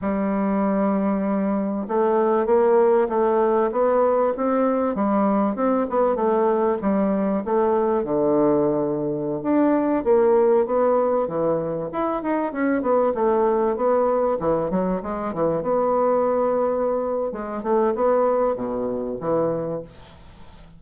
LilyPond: \new Staff \with { instrumentName = "bassoon" } { \time 4/4 \tempo 4 = 97 g2. a4 | ais4 a4 b4 c'4 | g4 c'8 b8 a4 g4 | a4 d2~ d16 d'8.~ |
d'16 ais4 b4 e4 e'8 dis'16~ | dis'16 cis'8 b8 a4 b4 e8 fis16~ | fis16 gis8 e8 b2~ b8. | gis8 a8 b4 b,4 e4 | }